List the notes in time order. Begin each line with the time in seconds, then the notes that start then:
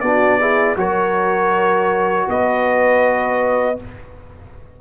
0.00 B3 D4 F#4 D5
0.39 E4 G#4
0.76 F#3 F#4 A#4 C#5
2.28 B3 B4 D#5